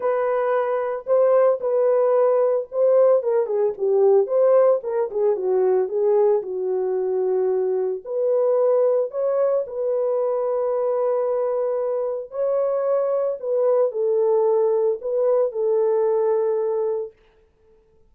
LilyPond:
\new Staff \with { instrumentName = "horn" } { \time 4/4 \tempo 4 = 112 b'2 c''4 b'4~ | b'4 c''4 ais'8 gis'8 g'4 | c''4 ais'8 gis'8 fis'4 gis'4 | fis'2. b'4~ |
b'4 cis''4 b'2~ | b'2. cis''4~ | cis''4 b'4 a'2 | b'4 a'2. | }